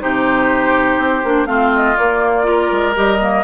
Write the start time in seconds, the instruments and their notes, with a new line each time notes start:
0.00 bassoon C3, clarinet D#4, oboe G4, flute C5
0.98 bassoon C4
1.24 bassoon A#3, clarinet D4
1.46 bassoon A3, clarinet C4, oboe F4, flute F5
1.75 flute D#5
1.97 bassoon A#3, clarinet A#3, flute D5
2.44 clarinet F4, oboe A#4
2.72 bassoon G#3
2.95 bassoon G3, clarinet G4, flute D#5
3.20 clarinet A#3